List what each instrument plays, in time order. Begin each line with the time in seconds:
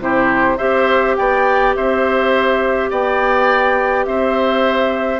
0.00 bassoon C3, clarinet E4, oboe G4, flute C5
0.58 bassoon C4, clarinet G4, oboe C5, flute E5
1.17 bassoon B3, oboe D5, flute G5
1.76 bassoon C4, oboe C5, flute E5
2.91 bassoon B3, oboe D5, flute G5
4.06 bassoon C4, oboe C5, flute E5